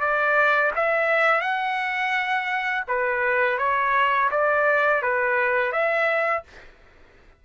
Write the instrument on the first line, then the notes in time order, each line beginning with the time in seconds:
trumpet
0.00 D5
0.76 E5
1.41 F#5
2.88 B4
3.58 C#5
4.31 D5
5.02 B4
5.72 E5